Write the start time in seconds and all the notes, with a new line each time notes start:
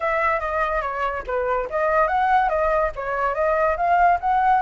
0.00 E5
0.40 D#5
0.81 C#5
1.26 B4
1.69 D#5
2.07 F#5
2.49 D#5
2.95 C#5
3.34 D#5
3.76 F5
4.20 F#5